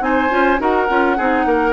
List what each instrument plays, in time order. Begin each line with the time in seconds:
0.00 bassoon C4, clarinet D#4, oboe C5, flute G#5
0.29 bassoon C#4, clarinet F4
0.59 bassoon D#4, clarinet F#4, oboe A#4, flute F#5
0.88 bassoon C#4, clarinet F4
1.17 bassoon C4, clarinet D#4, oboe G#4
1.45 bassoon A#3, oboe A#4